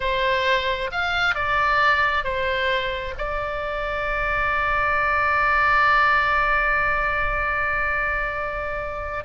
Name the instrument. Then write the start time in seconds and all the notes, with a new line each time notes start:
oboe
0.00 C5
0.91 F5
1.34 D5
2.24 C5
3.17 D5